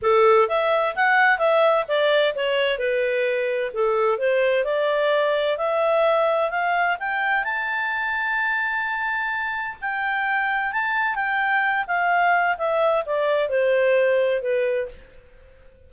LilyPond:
\new Staff \with { instrumentName = "clarinet" } { \time 4/4 \tempo 4 = 129 a'4 e''4 fis''4 e''4 | d''4 cis''4 b'2 | a'4 c''4 d''2 | e''2 f''4 g''4 |
a''1~ | a''4 g''2 a''4 | g''4. f''4. e''4 | d''4 c''2 b'4 | }